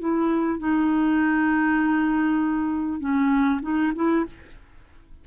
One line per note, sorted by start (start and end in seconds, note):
0.00 0.60 E4
0.60 3.00 D#4
3.00 3.61 C#4
3.62 3.93 D#4
3.95 4.26 E4